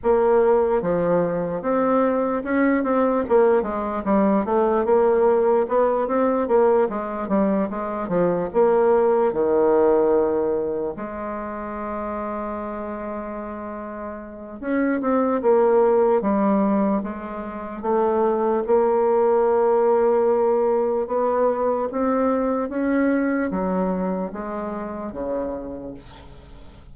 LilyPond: \new Staff \with { instrumentName = "bassoon" } { \time 4/4 \tempo 4 = 74 ais4 f4 c'4 cis'8 c'8 | ais8 gis8 g8 a8 ais4 b8 c'8 | ais8 gis8 g8 gis8 f8 ais4 dis8~ | dis4. gis2~ gis8~ |
gis2 cis'8 c'8 ais4 | g4 gis4 a4 ais4~ | ais2 b4 c'4 | cis'4 fis4 gis4 cis4 | }